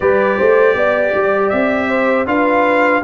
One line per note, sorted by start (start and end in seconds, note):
0.00 0.38 G3
0.00 2.26 G4
0.00 0.37 B4
0.00 1.49 D5
0.37 0.75 A3
0.37 0.75 C5
0.75 1.13 B3
0.75 1.88 D5
1.14 1.52 G3
1.49 2.26 C4
1.49 2.25 E5
1.88 2.26 C5
2.26 3.02 D4
2.26 3.02 F4
2.26 3.03 B4
2.26 3.03 F5